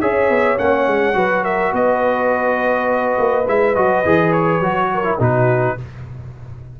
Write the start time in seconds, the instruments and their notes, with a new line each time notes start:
0.00 tuba C#4, trombone G#4, horn C#5, trumpet E5
0.29 tuba B3
0.57 tuba A#3, trombone C#4, trumpet F#5
0.87 tuba G#3
1.13 tuba F#3, trombone F#4, horn B4
1.44 horn A#4, trumpet E5
1.72 tuba B3, horn B4, trumpet D#5
3.18 tuba A#3
3.47 tuba G#3, trombone E4, trumpet E5
3.75 tuba F#3, trombone F#4, trumpet D#5
4.05 tuba E3, trombone G#4
4.32 trumpet C#5
4.60 tuba F#3, trombone F#4
4.94 horn A#4
5.04 trombone E4
5.18 tuba B2, trombone D#4, horn F#4, trumpet B4